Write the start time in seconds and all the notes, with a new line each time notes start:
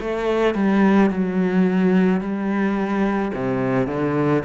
0.00 A3
0.55 G3
1.10 F#3
2.21 G3
3.34 C3
3.87 D3